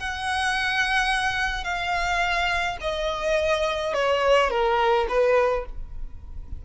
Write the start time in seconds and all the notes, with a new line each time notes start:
0.00 F#5
1.64 F5
2.81 D#5
3.94 C#5
4.51 A#4
5.09 B4